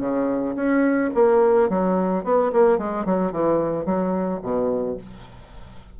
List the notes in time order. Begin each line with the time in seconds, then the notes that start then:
0.00 C#3
0.56 C#4
1.14 A#3
1.69 F#3
2.24 B3
2.52 A#3
2.78 G#3
3.05 F#3
3.32 E3
3.85 F#3
4.42 B2